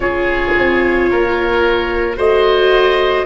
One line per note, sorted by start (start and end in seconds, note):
0.00 0.52 C#4
0.00 2.16 F4
0.00 1.10 G#4
0.00 2.16 C#5
0.58 1.10 C4
1.10 2.17 A#3
1.10 2.17 A#4
2.16 3.26 A3
2.16 3.25 F#4
2.16 3.26 C5
2.16 3.26 D#5